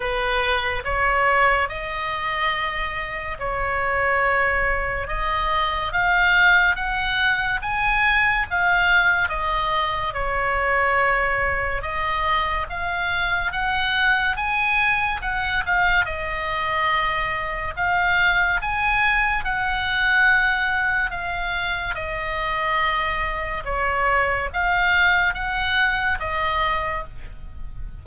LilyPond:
\new Staff \with { instrumentName = "oboe" } { \time 4/4 \tempo 4 = 71 b'4 cis''4 dis''2 | cis''2 dis''4 f''4 | fis''4 gis''4 f''4 dis''4 | cis''2 dis''4 f''4 |
fis''4 gis''4 fis''8 f''8 dis''4~ | dis''4 f''4 gis''4 fis''4~ | fis''4 f''4 dis''2 | cis''4 f''4 fis''4 dis''4 | }